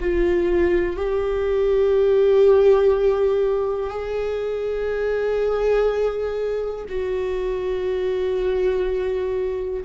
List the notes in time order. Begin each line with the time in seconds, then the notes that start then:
0.00 F4
0.97 G4
3.90 G#4
6.89 F#4